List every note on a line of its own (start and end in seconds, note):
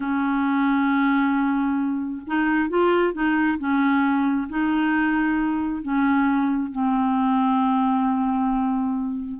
0.00 2.22 C#4
2.26 2.69 D#4
2.69 3.13 F4
3.13 3.58 D#4
3.58 4.48 C#4
4.49 5.82 D#4
5.82 6.71 C#4
6.71 9.39 C4